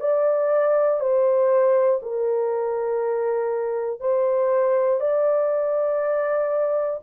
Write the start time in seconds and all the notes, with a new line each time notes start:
0.00 D5
1.00 C5
2.02 A#4
4.00 C5
5.00 D5